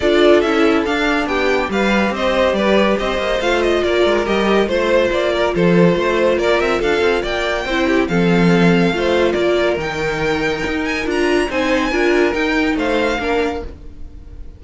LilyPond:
<<
  \new Staff \with { instrumentName = "violin" } { \time 4/4 \tempo 4 = 141 d''4 e''4 f''4 g''4 | f''4 dis''4 d''4 dis''4 | f''8 dis''8 d''4 dis''4 c''4 | d''4 c''2 d''8 e''8 |
f''4 g''2 f''4~ | f''2 d''4 g''4~ | g''4. gis''8 ais''4 gis''4~ | gis''4 g''4 f''2 | }
  \new Staff \with { instrumentName = "violin" } { \time 4/4 a'2. g'4 | b'4 c''4 b'4 c''4~ | c''4 ais'2 c''4~ | c''8 ais'8 a'4 c''4 ais'4 |
a'4 d''4 c''8 g'8 a'4~ | a'4 c''4 ais'2~ | ais'2. c''4 | ais'2 c''4 ais'4 | }
  \new Staff \with { instrumentName = "viola" } { \time 4/4 f'4 e'4 d'2 | g'1 | f'2 g'4 f'4~ | f'1~ |
f'2 e'4 c'4~ | c'4 f'2 dis'4~ | dis'2 f'4 dis'4 | f'4 dis'2 d'4 | }
  \new Staff \with { instrumentName = "cello" } { \time 4/4 d'4 cis'4 d'4 b4 | g4 c'4 g4 c'8 ais8 | a4 ais8 gis8 g4 a4 | ais4 f4 a4 ais8 c'8 |
d'8 c'8 ais4 c'4 f4~ | f4 a4 ais4 dis4~ | dis4 dis'4 d'4 c'4 | d'4 dis'4 a4 ais4 | }
>>